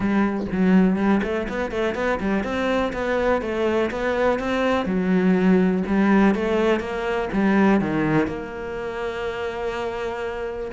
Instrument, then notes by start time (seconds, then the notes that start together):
cello
0.00 G3
0.51 F#3
0.96 G3
1.23 A3
1.48 B3
1.71 A3
1.94 B3
2.20 G3
2.43 C4
2.93 B3
3.41 A3
3.90 B3
4.39 C4
4.85 F#3
5.86 G3
6.34 A3
6.80 A#3
7.32 G3
7.80 D#3
8.27 A#3